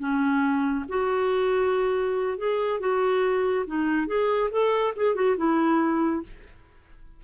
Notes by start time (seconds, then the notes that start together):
0.00 C#4
0.89 F#4
2.38 G#4
2.80 F#4
3.67 D#4
4.08 G#4
4.51 A4
4.97 G#4
5.15 F#4
5.37 E4